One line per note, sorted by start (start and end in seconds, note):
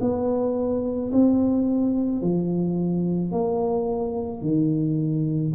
0.00 1.11 B3
1.12 2.21 C4
2.21 3.31 F3
3.31 4.41 A#3
4.41 5.52 D#3